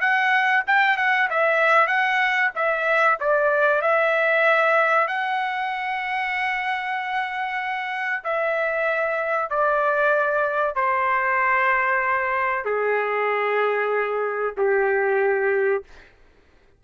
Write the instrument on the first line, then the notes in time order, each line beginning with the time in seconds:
trumpet
0.00 F#5
0.67 G5
0.97 F#5
1.30 E5
1.87 F#5
2.55 E5
3.20 D5
3.81 E5
5.08 F#5
8.24 E5
9.50 D5
10.75 C5
12.65 G#4
14.57 G4